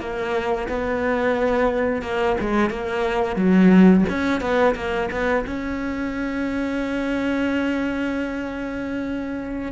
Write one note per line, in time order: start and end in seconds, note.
0.00 0.68 A#3
0.68 2.02 B3
2.02 2.36 A#3
2.40 2.70 G#3
2.70 3.36 A#3
3.36 4.04 F#3
4.09 4.41 C#4
4.41 4.75 B3
4.75 5.10 A#3
5.11 5.45 B3
5.46 9.72 C#4